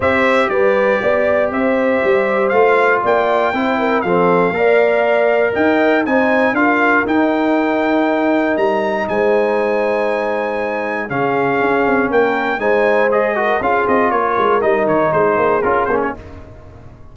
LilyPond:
<<
  \new Staff \with { instrumentName = "trumpet" } { \time 4/4 \tempo 4 = 119 e''4 d''2 e''4~ | e''4 f''4 g''2 | f''2. g''4 | gis''4 f''4 g''2~ |
g''4 ais''4 gis''2~ | gis''2 f''2 | g''4 gis''4 dis''4 f''8 dis''8 | cis''4 dis''8 cis''8 c''4 ais'8 c''16 cis''16 | }
  \new Staff \with { instrumentName = "horn" } { \time 4/4 c''4 b'4 d''4 c''4~ | c''2 d''4 c''8 ais'8 | a'4 d''2 dis''4 | c''4 ais'2.~ |
ais'2 c''2~ | c''2 gis'2 | ais'4 c''4. ais'8 gis'4 | ais'2 gis'2 | }
  \new Staff \with { instrumentName = "trombone" } { \time 4/4 g'1~ | g'4 f'2 e'4 | c'4 ais'2. | dis'4 f'4 dis'2~ |
dis'1~ | dis'2 cis'2~ | cis'4 dis'4 gis'8 fis'8 f'4~ | f'4 dis'2 f'8 cis'8 | }
  \new Staff \with { instrumentName = "tuba" } { \time 4/4 c'4 g4 b4 c'4 | g4 a4 ais4 c'4 | f4 ais2 dis'4 | c'4 d'4 dis'2~ |
dis'4 g4 gis2~ | gis2 cis4 cis'8 c'8 | ais4 gis2 cis'8 c'8 | ais8 gis8 g8 dis8 gis8 ais8 cis'8 ais8 | }
>>